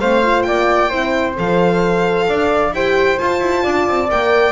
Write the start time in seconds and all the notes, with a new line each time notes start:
0.00 A3 C4 C5 F5
0.22 F4
0.42 A#3 D5 G5
0.89 C4 E4 C5
1.37 F3 A4 F5
2.28 D4 D5
2.72 E4 G4 C5 G5
3.17 F4 A5
3.40 E4
3.63 D4 D5
3.88 C4
4.09 A#3 A#4 G5